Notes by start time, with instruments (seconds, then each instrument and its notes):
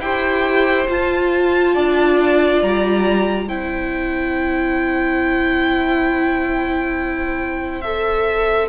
0.00 cello E4, viola G4, violin C5 G5
0.88 viola F4, cello F4, violin A5
1.75 cello D4, violin D5
2.62 cello G3, violin A#5
3.48 cello C4, viola E4, violin C5 G5
7.82 viola A4, violin E5